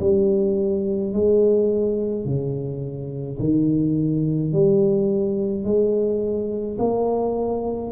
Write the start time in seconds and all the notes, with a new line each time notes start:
0.00 G3
1.13 G#3
2.25 C#3
3.40 D#3
4.53 G3
5.64 G#3
6.79 A#3